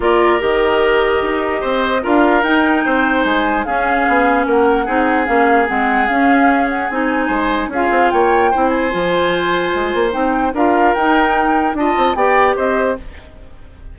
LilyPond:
<<
  \new Staff \with { instrumentName = "flute" } { \time 4/4 \tempo 4 = 148 d''4 dis''2.~ | dis''4 f''4 g''2 | gis''4 f''2 fis''4~ | fis''4 f''4 fis''4 f''4~ |
f''8 fis''8 gis''2 f''4 | g''4. gis''2~ gis''8~ | gis''4 g''4 f''4 g''4~ | g''4 a''4 g''4 dis''4 | }
  \new Staff \with { instrumentName = "oboe" } { \time 4/4 ais'1 | c''4 ais'2 c''4~ | c''4 gis'2 ais'4 | gis'1~ |
gis'2 c''4 gis'4 | cis''4 c''2.~ | c''2 ais'2~ | ais'4 dis''4 d''4 c''4 | }
  \new Staff \with { instrumentName = "clarinet" } { \time 4/4 f'4 g'2.~ | g'4 f'4 dis'2~ | dis'4 cis'2. | dis'4 cis'4 c'4 cis'4~ |
cis'4 dis'2 f'4~ | f'4 e'4 f'2~ | f'4 dis'4 f'4 dis'4~ | dis'4 f'4 g'2 | }
  \new Staff \with { instrumentName = "bassoon" } { \time 4/4 ais4 dis2 dis'4 | c'4 d'4 dis'4 c'4 | gis4 cis'4 b4 ais4 | c'4 ais4 gis4 cis'4~ |
cis'4 c'4 gis4 cis'8 c'8 | ais4 c'4 f2 | gis8 ais8 c'4 d'4 dis'4~ | dis'4 d'8 c'8 b4 c'4 | }
>>